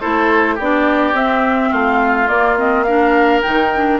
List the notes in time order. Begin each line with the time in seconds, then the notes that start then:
0.00 A3 E4 A4 C5
0.55 B3 G4 D5
0.61 D4
1.13 C4 E5
1.71 A3 F4 F5
2.28 A#3 D5
2.57 C4 D#5
2.83 D4 A#4 F5
3.42 D#3 D#4 G5
3.75 D4